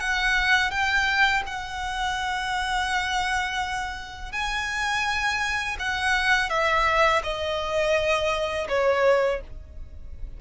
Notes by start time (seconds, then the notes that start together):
0.00 F#5
0.70 G5
1.46 F#5
4.32 G#5
5.79 F#5
6.50 E5
7.23 D#5
8.68 C#5